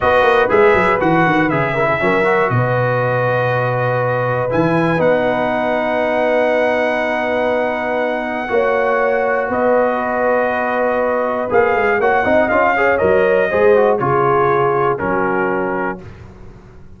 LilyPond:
<<
  \new Staff \with { instrumentName = "trumpet" } { \time 4/4 \tempo 4 = 120 dis''4 e''4 fis''4 e''4~ | e''4 dis''2.~ | dis''4 gis''4 fis''2~ | fis''1~ |
fis''2. dis''4~ | dis''2. f''4 | fis''4 f''4 dis''2 | cis''2 ais'2 | }
  \new Staff \with { instrumentName = "horn" } { \time 4/4 b'2.~ b'8 ais'16 gis'16 | ais'4 b'2.~ | b'1~ | b'1~ |
b'4 cis''2 b'4~ | b'1 | cis''8 dis''4 cis''4. c''4 | gis'2 fis'2 | }
  \new Staff \with { instrumentName = "trombone" } { \time 4/4 fis'4 gis'4 fis'4 gis'8 e'8 | cis'8 fis'2.~ fis'8~ | fis'4 e'4 dis'2~ | dis'1~ |
dis'4 fis'2.~ | fis'2. gis'4 | fis'8 dis'8 f'8 gis'8 ais'4 gis'8 fis'8 | f'2 cis'2 | }
  \new Staff \with { instrumentName = "tuba" } { \time 4/4 b8 ais8 gis8 fis8 e8 dis8 cis4 | fis4 b,2.~ | b,4 e4 b2~ | b1~ |
b4 ais2 b4~ | b2. ais8 gis8 | ais8 c'8 cis'4 fis4 gis4 | cis2 fis2 | }
>>